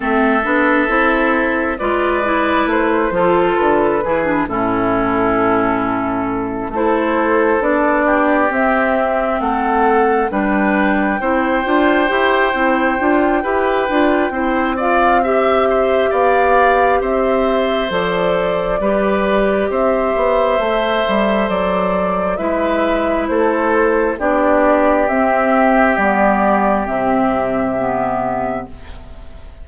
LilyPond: <<
  \new Staff \with { instrumentName = "flute" } { \time 4/4 \tempo 4 = 67 e''2 d''4 c''4 | b'4 a'2~ a'8 c''8~ | c''8 d''4 e''4 fis''4 g''8~ | g''1~ |
g''8 f''8 e''4 f''4 e''4 | d''2 e''2 | d''4 e''4 c''4 d''4 | e''4 d''4 e''2 | }
  \new Staff \with { instrumentName = "oboe" } { \time 4/4 a'2 b'4. a'8~ | a'8 gis'8 e'2~ e'8 a'8~ | a'4 g'4. a'4 b'8~ | b'8 c''2~ c''8 b'4 |
c''8 d''8 e''8 c''8 d''4 c''4~ | c''4 b'4 c''2~ | c''4 b'4 a'4 g'4~ | g'1 | }
  \new Staff \with { instrumentName = "clarinet" } { \time 4/4 c'8 d'8 e'4 f'8 e'4 f'8~ | f'8 e'16 d'16 cis'2~ cis'8 e'8~ | e'8 d'4 c'2 d'8~ | d'8 e'8 f'8 g'8 e'8 f'8 g'8 f'8 |
e'8 f'8 g'2. | a'4 g'2 a'4~ | a'4 e'2 d'4 | c'4 b4 c'4 b4 | }
  \new Staff \with { instrumentName = "bassoon" } { \time 4/4 a8 b8 c'4 gis4 a8 f8 | d8 e8 a,2~ a,8 a8~ | a8 b4 c'4 a4 g8~ | g8 c'8 d'8 e'8 c'8 d'8 e'8 d'8 |
c'2 b4 c'4 | f4 g4 c'8 b8 a8 g8 | fis4 gis4 a4 b4 | c'4 g4 c2 | }
>>